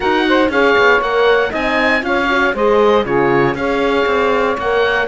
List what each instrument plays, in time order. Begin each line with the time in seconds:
0.00 cello D#4, horn F#4, saxophone A#4, oboe F#5
0.28 saxophone C5
0.49 cello C#4, horn G#4, saxophone C#5, oboe F5
0.77 cello B3
1.00 cello A#3, horn A#4, oboe F#5
1.50 cello C4, horn D#4, saxophone D#5, oboe G#5
2.01 cello C#4, horn F4, saxophone C#5, oboe F5
2.29 horn F#4
2.54 cello G#3, horn G#4, saxophone C5, oboe D#5
3.05 cello C#3, horn F4, saxophone G#4, oboe C#5
3.54 cello C#4, horn G#4, saxophone C#5, oboe F5
4.05 cello C4
4.57 cello A#3, horn A#4, oboe F#5